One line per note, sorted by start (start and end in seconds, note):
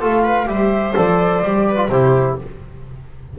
0.00 0.47 A3
0.00 0.46 F4
0.00 0.23 A4
0.00 0.47 F5
0.23 0.47 B4
0.46 0.94 G3
0.46 0.93 G4
0.46 1.67 C5
0.46 0.94 E5
0.96 1.42 F3
0.96 1.42 A4
0.96 1.88 D5
1.42 1.88 G3
1.42 1.76 G4
1.68 1.91 B4
1.76 1.87 F4
1.88 2.34 C3
1.88 2.39 E4
1.88 2.38 G4
1.88 2.35 C5